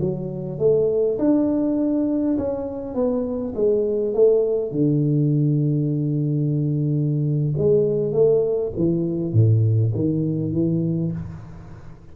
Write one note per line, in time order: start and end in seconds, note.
0.00 0.59 F#3
0.59 1.18 A3
1.19 2.38 D4
2.38 2.95 C#4
2.95 3.54 B3
3.55 4.14 G#3
4.14 4.72 A3
4.72 7.54 D3
7.58 8.13 G#3
8.13 8.72 A3
8.77 9.33 E3
9.33 9.93 A2
9.95 10.53 D#3
10.53 11.12 E3